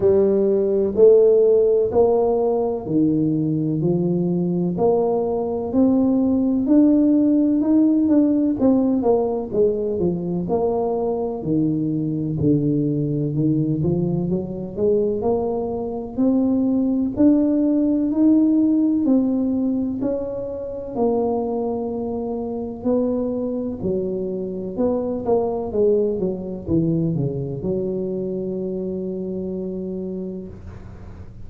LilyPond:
\new Staff \with { instrumentName = "tuba" } { \time 4/4 \tempo 4 = 63 g4 a4 ais4 dis4 | f4 ais4 c'4 d'4 | dis'8 d'8 c'8 ais8 gis8 f8 ais4 | dis4 d4 dis8 f8 fis8 gis8 |
ais4 c'4 d'4 dis'4 | c'4 cis'4 ais2 | b4 fis4 b8 ais8 gis8 fis8 | e8 cis8 fis2. | }